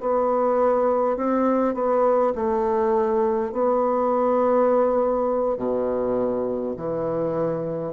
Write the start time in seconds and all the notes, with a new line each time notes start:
0.00 B3
1.16 C4
1.74 B3
2.35 A3
3.52 B3
5.57 B2
6.76 E3